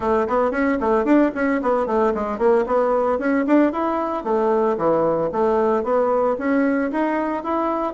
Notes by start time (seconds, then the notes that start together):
0.00 A3
0.27 B3
0.51 C#4
0.80 A3
1.04 D4
1.34 C#4
1.61 B3
1.86 A3
2.14 G#3
2.38 A#3
2.66 B3
3.18 C#4
3.46 D4
3.72 E4
4.24 A3
4.77 E3
5.32 A3
5.83 B3
6.38 C#4
6.91 D#4
7.43 E4